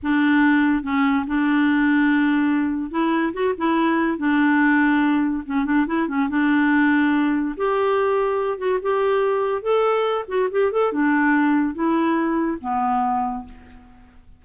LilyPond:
\new Staff \with { instrumentName = "clarinet" } { \time 4/4 \tempo 4 = 143 d'2 cis'4 d'4~ | d'2. e'4 | fis'8 e'4. d'2~ | d'4 cis'8 d'8 e'8 cis'8 d'4~ |
d'2 g'2~ | g'8 fis'8 g'2 a'4~ | a'8 fis'8 g'8 a'8 d'2 | e'2 b2 | }